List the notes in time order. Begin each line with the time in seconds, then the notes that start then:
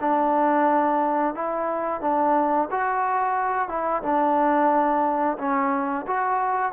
0.00 D4
1.35 E4
2.01 D4
2.71 F#4
3.68 E4
4.02 D4
5.38 C#4
6.06 F#4